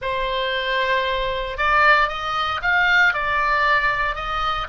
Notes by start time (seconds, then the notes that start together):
0.01 C5
1.57 D5
2.08 D#5
2.62 F5
3.13 D5
4.15 D#5